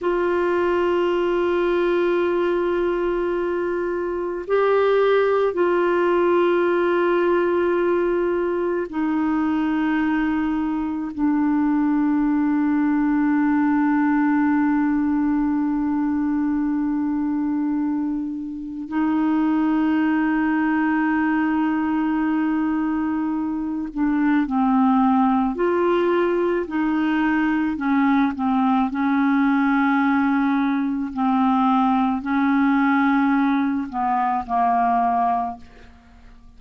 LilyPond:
\new Staff \with { instrumentName = "clarinet" } { \time 4/4 \tempo 4 = 54 f'1 | g'4 f'2. | dis'2 d'2~ | d'1~ |
d'4 dis'2.~ | dis'4. d'8 c'4 f'4 | dis'4 cis'8 c'8 cis'2 | c'4 cis'4. b8 ais4 | }